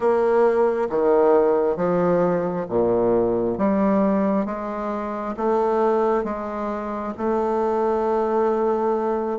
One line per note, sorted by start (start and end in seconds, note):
0.00 0.88 A#3
0.90 1.76 D#3
1.76 2.66 F3
2.69 3.58 A#2
3.58 4.45 G3
4.45 5.35 G#3
5.36 6.24 A3
6.24 7.13 G#3
7.17 9.38 A3